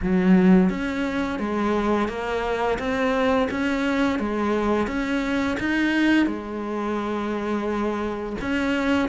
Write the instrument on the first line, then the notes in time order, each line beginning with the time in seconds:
cello
0.02 F#3
0.69 C#4
1.39 G#3
2.08 A#3
2.78 C4
3.50 C#4
4.19 G#3
4.87 C#4
5.59 D#4
6.26 G#3
8.41 C#4